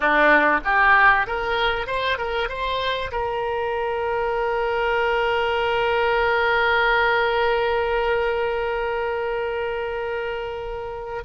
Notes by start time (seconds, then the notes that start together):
0.00 D4
0.64 G4
1.26 A#4
1.86 C5
2.18 A#4
2.48 C5
3.11 A#4